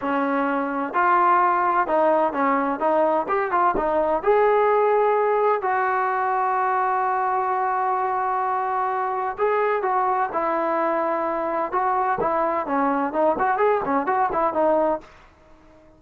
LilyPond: \new Staff \with { instrumentName = "trombone" } { \time 4/4 \tempo 4 = 128 cis'2 f'2 | dis'4 cis'4 dis'4 g'8 f'8 | dis'4 gis'2. | fis'1~ |
fis'1 | gis'4 fis'4 e'2~ | e'4 fis'4 e'4 cis'4 | dis'8 fis'8 gis'8 cis'8 fis'8 e'8 dis'4 | }